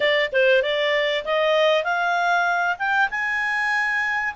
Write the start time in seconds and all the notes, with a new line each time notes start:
0.00 D5
0.32 C5
0.62 D5
1.24 D#5
1.84 F5
2.78 G5
3.10 G#5